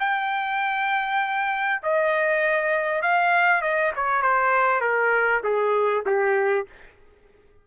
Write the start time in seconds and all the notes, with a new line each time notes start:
0.00 G5
1.83 D#5
3.02 F5
3.62 D#5
3.96 C#5
4.22 C5
4.81 A#4
5.44 G#4
6.06 G4